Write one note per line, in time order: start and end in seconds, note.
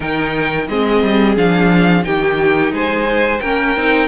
0.00 0.68 D#3
0.00 0.66 D#4
0.00 0.68 A#4
0.00 0.67 G5
0.67 1.02 G#3
0.67 1.36 C4
0.67 2.05 G#4
0.67 1.35 D#5
1.03 1.36 G3
1.36 2.04 F3
1.36 2.02 D4
1.36 2.04 F5
2.02 2.71 D#3
2.02 3.39 D#4
2.02 2.73 G4
2.02 2.72 G5
2.71 3.39 G#3
2.71 3.41 C5
2.71 3.40 G#5
3.40 3.76 A#3
3.40 3.77 C#4
3.40 4.08 A#4
3.40 4.08 G5
3.76 4.08 C4
3.76 4.08 D#4